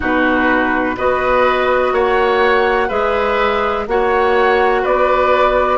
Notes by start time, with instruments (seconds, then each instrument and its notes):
0.00 bassoon B2, clarinet D#4, oboe F#4, flute B4
0.96 bassoon B3, clarinet F#4, oboe B4, flute D#5
1.92 bassoon A#3, oboe C#5, flute F#5
2.88 bassoon G#3, clarinet G#4, oboe B4, flute E5
3.87 bassoon A#3, clarinet F#4, oboe C#5, flute F#5
4.81 bassoon B3, oboe B4, flute D5